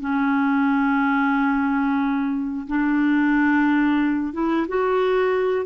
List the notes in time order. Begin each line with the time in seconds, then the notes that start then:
0.00 C#4
2.67 D4
4.33 E4
4.68 F#4